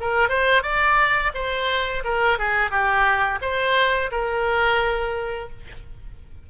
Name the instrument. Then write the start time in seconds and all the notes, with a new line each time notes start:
oboe
0.00 A#4
0.29 C5
0.63 D5
1.34 C5
2.04 A#4
2.39 G#4
2.71 G4
3.41 C5
4.12 A#4